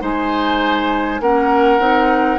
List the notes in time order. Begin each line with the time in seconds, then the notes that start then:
0.00 G#3 D#4 C5 G#5
1.21 A#3 C#4 A#4 F#5
1.79 C4 D#4